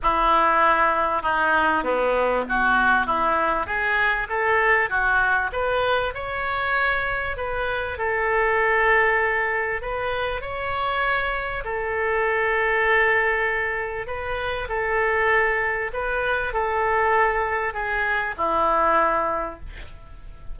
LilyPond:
\new Staff \with { instrumentName = "oboe" } { \time 4/4 \tempo 4 = 98 e'2 dis'4 b4 | fis'4 e'4 gis'4 a'4 | fis'4 b'4 cis''2 | b'4 a'2. |
b'4 cis''2 a'4~ | a'2. b'4 | a'2 b'4 a'4~ | a'4 gis'4 e'2 | }